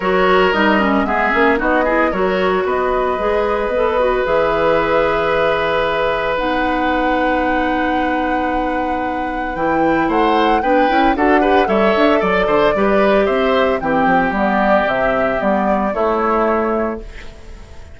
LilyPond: <<
  \new Staff \with { instrumentName = "flute" } { \time 4/4 \tempo 4 = 113 cis''4 dis''4 e''4 dis''4 | cis''4 dis''2. | e''1 | fis''1~ |
fis''2 g''4 fis''4 | g''4 fis''4 e''4 d''4~ | d''4 e''4 g''4 d''4 | e''4 d''4 cis''2 | }
  \new Staff \with { instrumentName = "oboe" } { \time 4/4 ais'2 gis'4 fis'8 gis'8 | ais'4 b'2.~ | b'1~ | b'1~ |
b'2. c''4 | b'4 a'8 b'8 cis''4 d''8 c''8 | b'4 c''4 g'2~ | g'2 e'2 | }
  \new Staff \with { instrumentName = "clarinet" } { \time 4/4 fis'4 dis'8 cis'8 b8 cis'8 dis'8 e'8 | fis'2 gis'4 a'8 fis'8 | gis'1 | dis'1~ |
dis'2 e'2 | d'8 e'8 fis'8 g'8 a'2 | g'2 c'4 b4 | c'4 b4 a2 | }
  \new Staff \with { instrumentName = "bassoon" } { \time 4/4 fis4 g4 gis8 ais8 b4 | fis4 b4 gis4 b4 | e1 | b1~ |
b2 e4 a4 | b8 cis'8 d'4 g8 d'8 fis8 d8 | g4 c'4 e8 f8 g4 | c4 g4 a2 | }
>>